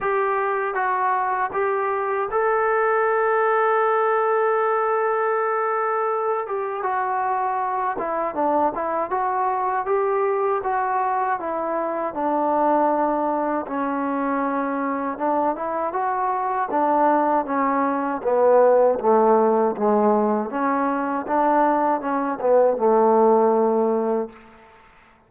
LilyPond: \new Staff \with { instrumentName = "trombone" } { \time 4/4 \tempo 4 = 79 g'4 fis'4 g'4 a'4~ | a'1~ | a'8 g'8 fis'4. e'8 d'8 e'8 | fis'4 g'4 fis'4 e'4 |
d'2 cis'2 | d'8 e'8 fis'4 d'4 cis'4 | b4 a4 gis4 cis'4 | d'4 cis'8 b8 a2 | }